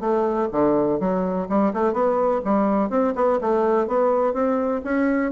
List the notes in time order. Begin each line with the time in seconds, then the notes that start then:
0.00 A3
0.52 D3
0.99 F#3
1.49 G3
1.73 A3
1.93 B3
2.44 G3
2.90 C4
3.15 B3
3.41 A3
3.87 B3
4.33 C4
4.84 C#4